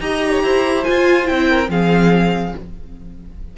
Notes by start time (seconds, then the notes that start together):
0.00 D#4 G4 D#5 A#5
0.32 C#5
0.43 E4 C5
0.84 F4 G#5
1.24 E4 G5
1.31 C4
1.50 A#4
1.69 F3 C4 G#4 F5